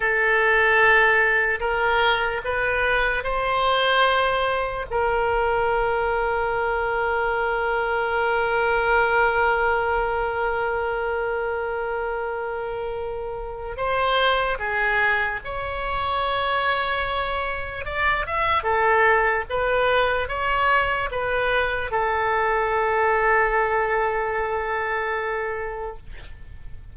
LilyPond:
\new Staff \with { instrumentName = "oboe" } { \time 4/4 \tempo 4 = 74 a'2 ais'4 b'4 | c''2 ais'2~ | ais'1~ | ais'1~ |
ais'4 c''4 gis'4 cis''4~ | cis''2 d''8 e''8 a'4 | b'4 cis''4 b'4 a'4~ | a'1 | }